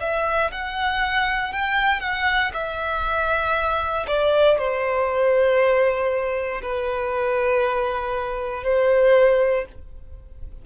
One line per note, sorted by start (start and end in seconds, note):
0.00 0.51 E5
0.51 1.53 F#5
1.53 2.00 G5
2.00 2.51 F#5
2.54 4.06 E5
4.08 4.58 D5
4.58 6.61 C5
6.62 8.63 B4
8.63 9.65 C5